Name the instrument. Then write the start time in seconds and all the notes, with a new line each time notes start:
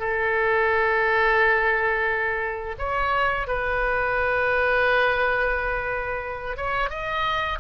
oboe
0.00 A4
2.79 C#5
3.48 B4
6.57 C#5
6.90 D#5